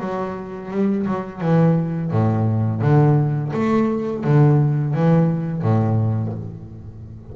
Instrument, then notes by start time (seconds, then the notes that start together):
double bass
0.00 F#3
0.71 G3
1.06 F#3
1.41 E3
2.11 A2
2.81 D3
3.53 A3
4.24 D3
4.94 E3
5.62 A2